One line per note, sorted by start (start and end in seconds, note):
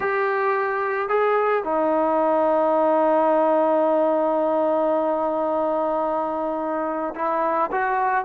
0.00 1.08 G4
1.08 1.63 G#4
1.63 7.14 D#4
7.15 7.70 E4
7.71 8.24 F#4